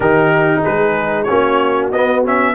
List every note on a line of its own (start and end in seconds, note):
0.00 0.61 D#3
0.00 1.27 D#4
0.00 0.60 G4
0.00 0.63 A#4
0.60 1.29 G#3
0.60 1.24 G#4
0.60 1.23 B4
1.23 1.92 C#4
1.23 2.54 F#4
1.23 1.87 C#5
1.30 1.92 A#3
1.91 2.54 B3
1.91 2.24 B3
1.91 2.23 D#5
2.24 2.54 C#4
2.24 2.54 E5